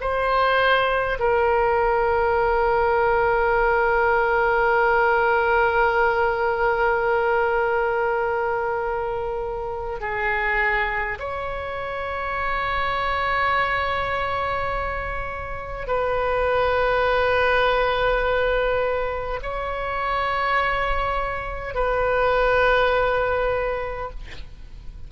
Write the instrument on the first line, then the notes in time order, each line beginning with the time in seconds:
oboe
0.00 C5
1.19 A#4
10.00 G#4
11.19 C#5
15.87 B4
19.42 C#5
21.74 B4